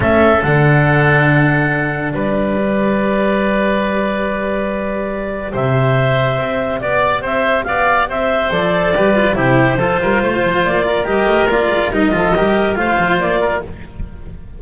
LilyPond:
<<
  \new Staff \with { instrumentName = "clarinet" } { \time 4/4 \tempo 4 = 141 e''4 fis''2.~ | fis''4 d''2.~ | d''1~ | d''4 e''2. |
d''4 e''4 f''4 e''4 | d''2 c''2~ | c''4 d''4 dis''4 d''4 | dis''2 f''4 d''4 | }
  \new Staff \with { instrumentName = "oboe" } { \time 4/4 a'1~ | a'4 b'2.~ | b'1~ | b'4 c''2. |
d''4 c''4 d''4 c''4~ | c''4 b'4 g'4 a'8 ais'8 | c''4. ais'2~ ais'8~ | ais'8 a'8 ais'4 c''4. ais'8 | }
  \new Staff \with { instrumentName = "cello" } { \time 4/4 cis'4 d'2.~ | d'2 g'2~ | g'1~ | g'1~ |
g'1 | a'4 g'8 f'8 e'4 f'4~ | f'2 g'4 f'4 | dis'8 f'8 g'4 f'2 | }
  \new Staff \with { instrumentName = "double bass" } { \time 4/4 a4 d2.~ | d4 g2.~ | g1~ | g4 c2 c'4 |
b4 c'4 b4 c'4 | f4 g4 c4 f8 g8 | a8 f8 ais4 g8 a8 ais8 gis8 | g8 f8 g4 a8 f8 ais4 | }
>>